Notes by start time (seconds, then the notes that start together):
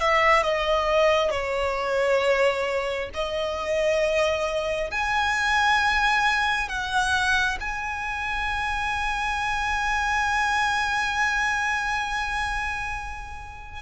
0.00 E5
0.43 D#5
1.30 C#5
3.13 D#5
4.91 G#5
6.68 F#5
7.60 G#5